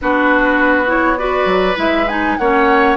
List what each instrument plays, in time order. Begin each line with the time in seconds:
0.01 bassoon B3, clarinet D4, oboe F#4, flute B4
0.87 clarinet E4, flute C#5
1.17 clarinet F#4, oboe B4, flute D5
1.45 bassoon F#3
1.75 bassoon G#3, clarinet E4, flute E5
2.08 clarinet D#4, flute G#5
2.37 bassoon A#3, clarinet C#4, oboe C#5, flute F#5